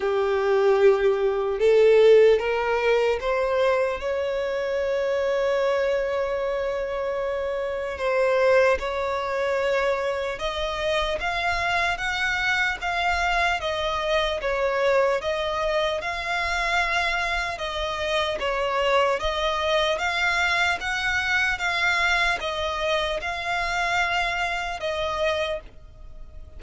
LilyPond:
\new Staff \with { instrumentName = "violin" } { \time 4/4 \tempo 4 = 75 g'2 a'4 ais'4 | c''4 cis''2.~ | cis''2 c''4 cis''4~ | cis''4 dis''4 f''4 fis''4 |
f''4 dis''4 cis''4 dis''4 | f''2 dis''4 cis''4 | dis''4 f''4 fis''4 f''4 | dis''4 f''2 dis''4 | }